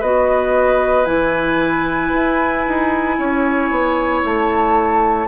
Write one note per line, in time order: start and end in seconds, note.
0.00 1.06 B3
0.00 1.05 F#4
0.00 3.16 B4
0.00 1.05 D#5
1.05 2.11 E3
1.05 5.26 E4
1.05 4.21 G#5
2.14 2.66 E4
2.67 3.18 D#4
3.18 3.70 C#4
3.18 5.27 C#5
3.70 4.23 B3
4.24 5.27 A3
4.24 5.27 A5